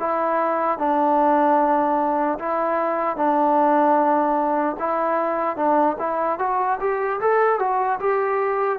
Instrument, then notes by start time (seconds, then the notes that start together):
trombone
0.00 E4
0.79 D4
2.39 E4
3.17 D4
4.80 E4
5.57 D4
5.99 E4
6.39 F#4
6.80 G4
7.21 A4
7.60 F#4
8.00 G4